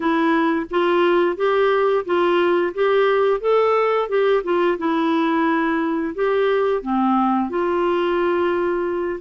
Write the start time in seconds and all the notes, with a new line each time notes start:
0.00 E4
0.70 F4
1.36 G4
2.05 F4
2.73 G4
3.40 A4
4.08 G4
4.43 F4
4.78 E4
6.14 G4
6.82 C4
7.49 F4